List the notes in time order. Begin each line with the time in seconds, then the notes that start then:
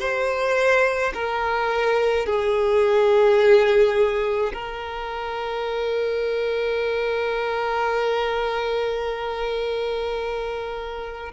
0.00 C5
1.14 A#4
2.26 G#4
4.53 A#4